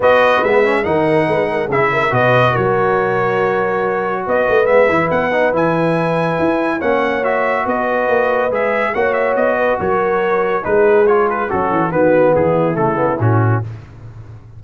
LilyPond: <<
  \new Staff \with { instrumentName = "trumpet" } { \time 4/4 \tempo 4 = 141 dis''4 e''4 fis''2 | e''4 dis''4 cis''2~ | cis''2 dis''4 e''4 | fis''4 gis''2. |
fis''4 e''4 dis''2 | e''4 fis''8 e''8 dis''4 cis''4~ | cis''4 b'4 cis''8 b'8 a'4 | b'4 gis'4 a'4 fis'4 | }
  \new Staff \with { instrumentName = "horn" } { \time 4/4 b'2 ais'4 b'8 ais'8 | gis'8 ais'8 b'4 ais'2~ | ais'2 b'2~ | b'1 |
cis''2 b'2~ | b'4 cis''4. b'8 ais'4~ | ais'4 gis'2 cis'4 | fis'4 e'2. | }
  \new Staff \with { instrumentName = "trombone" } { \time 4/4 fis'4 b8 cis'8 dis'2 | e'4 fis'2.~ | fis'2. b8 e'8~ | e'8 dis'8 e'2. |
cis'4 fis'2. | gis'4 fis'2.~ | fis'4 dis'4 f'4 fis'4 | b2 a8 b8 cis'4 | }
  \new Staff \with { instrumentName = "tuba" } { \time 4/4 b4 gis4 dis4 gis4 | cis4 b,4 fis2~ | fis2 b8 a8 gis8 e8 | b4 e2 e'4 |
ais2 b4 ais4 | gis4 ais4 b4 fis4~ | fis4 gis2 fis8 e8 | dis4 e4 cis4 a,4 | }
>>